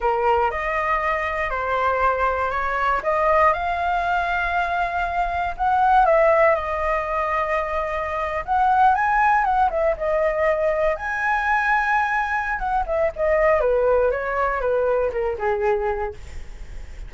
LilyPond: \new Staff \with { instrumentName = "flute" } { \time 4/4 \tempo 4 = 119 ais'4 dis''2 c''4~ | c''4 cis''4 dis''4 f''4~ | f''2. fis''4 | e''4 dis''2.~ |
dis''8. fis''4 gis''4 fis''8 e''8 dis''16~ | dis''4.~ dis''16 gis''2~ gis''16~ | gis''4 fis''8 e''8 dis''4 b'4 | cis''4 b'4 ais'8 gis'4. | }